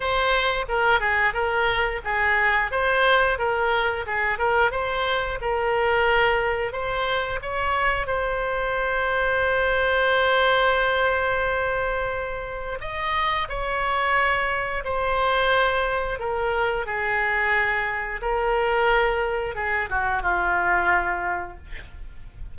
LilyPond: \new Staff \with { instrumentName = "oboe" } { \time 4/4 \tempo 4 = 89 c''4 ais'8 gis'8 ais'4 gis'4 | c''4 ais'4 gis'8 ais'8 c''4 | ais'2 c''4 cis''4 | c''1~ |
c''2. dis''4 | cis''2 c''2 | ais'4 gis'2 ais'4~ | ais'4 gis'8 fis'8 f'2 | }